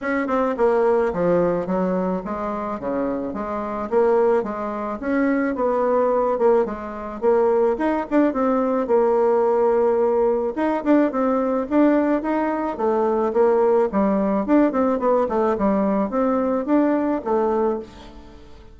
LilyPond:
\new Staff \with { instrumentName = "bassoon" } { \time 4/4 \tempo 4 = 108 cis'8 c'8 ais4 f4 fis4 | gis4 cis4 gis4 ais4 | gis4 cis'4 b4. ais8 | gis4 ais4 dis'8 d'8 c'4 |
ais2. dis'8 d'8 | c'4 d'4 dis'4 a4 | ais4 g4 d'8 c'8 b8 a8 | g4 c'4 d'4 a4 | }